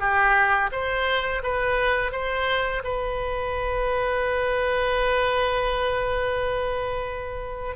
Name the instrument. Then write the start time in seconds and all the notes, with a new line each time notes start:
oboe
0.00 G4
0.72 C5
1.43 B4
2.12 C5
2.84 B4